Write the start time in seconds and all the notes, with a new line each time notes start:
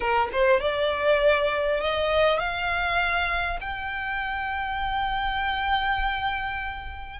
0.00 A#4
0.32 C5
0.60 D5
1.80 D#5
2.39 F5
3.60 G5